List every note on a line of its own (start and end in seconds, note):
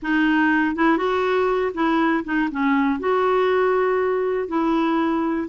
0.02 0.75 D#4
0.75 0.97 E4
0.97 1.72 F#4
1.74 2.24 E4
2.24 2.49 D#4
2.51 2.99 C#4
2.99 4.47 F#4
4.47 5.47 E4